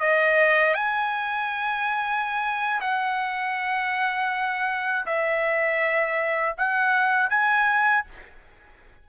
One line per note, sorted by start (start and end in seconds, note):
0.00 0.74 D#5
0.74 2.80 G#5
2.81 5.06 F#5
5.06 6.56 E5
6.57 7.30 F#5
7.30 8.05 G#5